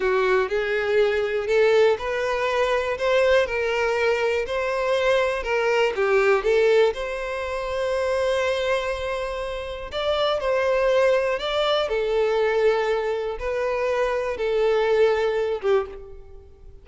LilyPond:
\new Staff \with { instrumentName = "violin" } { \time 4/4 \tempo 4 = 121 fis'4 gis'2 a'4 | b'2 c''4 ais'4~ | ais'4 c''2 ais'4 | g'4 a'4 c''2~ |
c''1 | d''4 c''2 d''4 | a'2. b'4~ | b'4 a'2~ a'8 g'8 | }